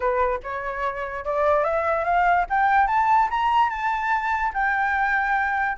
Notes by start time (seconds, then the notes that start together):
0.00 B4
0.43 C#5
1.24 D5
1.63 E5
2.04 F5
2.49 G5
2.87 A5
3.30 A#5
3.69 A5
4.53 G5